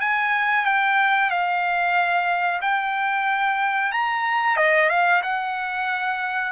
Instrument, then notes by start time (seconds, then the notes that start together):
trumpet
0.00 G#5
0.65 G5
1.30 F5
2.61 G5
3.92 A#5
4.57 D#5
4.89 F5
5.22 F#5